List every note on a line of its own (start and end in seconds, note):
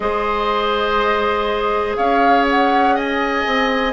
0.00 1.97 G#3
0.00 3.92 G#4
0.00 1.97 C5
0.00 1.94 D#5
1.96 3.45 C#4
1.96 2.95 C#5
1.96 2.45 F5
2.50 2.97 F#5
2.95 3.92 D#5
2.95 3.92 G#5
3.45 3.92 C4